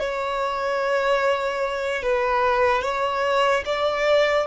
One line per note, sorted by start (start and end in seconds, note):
0.00 2.03 C#5
2.03 2.82 B4
2.82 3.63 C#5
3.65 4.46 D5